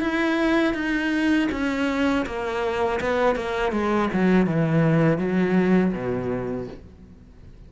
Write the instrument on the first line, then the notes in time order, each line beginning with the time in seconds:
cello
0.00 E4
0.74 D#4
1.51 C#4
2.26 A#3
3.00 B3
3.35 A#3
3.72 G#3
4.13 F#3
4.46 E3
5.18 F#3
5.93 B2